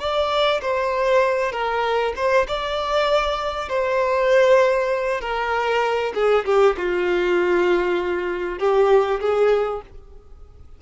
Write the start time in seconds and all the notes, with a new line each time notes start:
0.00 D5
0.62 C5
1.53 A#4
2.17 C5
2.48 D5
3.69 C5
5.21 A#4
6.15 G#4
6.46 G4
6.78 F4
8.59 G4
9.21 G#4